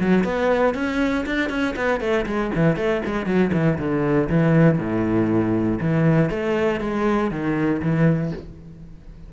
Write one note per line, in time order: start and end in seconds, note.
0.00 0.24 F#3
0.24 0.74 B3
0.74 1.25 C#4
1.26 1.50 D4
1.50 1.75 C#4
1.76 2.01 B3
2.01 2.26 A3
2.26 2.51 G#3
2.55 2.77 E3
2.77 3.02 A3
3.06 3.26 G#3
3.26 3.52 F#3
3.53 3.78 E3
3.78 4.29 D3
4.29 4.79 E3
4.79 5.79 A2
5.81 6.30 E3
6.30 6.80 A3
6.81 7.31 G#3
7.31 7.81 D#3
7.82 8.32 E3